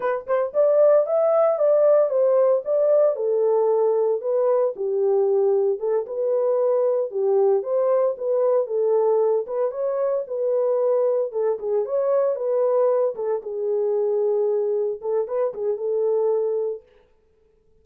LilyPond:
\new Staff \with { instrumentName = "horn" } { \time 4/4 \tempo 4 = 114 b'8 c''8 d''4 e''4 d''4 | c''4 d''4 a'2 | b'4 g'2 a'8 b'8~ | b'4. g'4 c''4 b'8~ |
b'8 a'4. b'8 cis''4 b'8~ | b'4. a'8 gis'8 cis''4 b'8~ | b'4 a'8 gis'2~ gis'8~ | gis'8 a'8 b'8 gis'8 a'2 | }